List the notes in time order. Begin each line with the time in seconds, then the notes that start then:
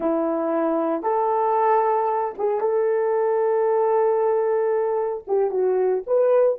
0.00 E4
1.03 A4
2.38 G#4
2.60 A4
5.27 G4
5.50 F#4
6.06 B4